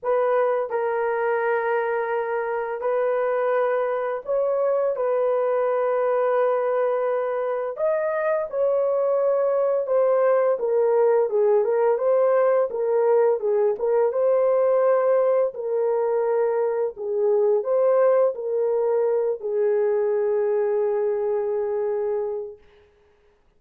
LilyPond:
\new Staff \with { instrumentName = "horn" } { \time 4/4 \tempo 4 = 85 b'4 ais'2. | b'2 cis''4 b'4~ | b'2. dis''4 | cis''2 c''4 ais'4 |
gis'8 ais'8 c''4 ais'4 gis'8 ais'8 | c''2 ais'2 | gis'4 c''4 ais'4. gis'8~ | gis'1 | }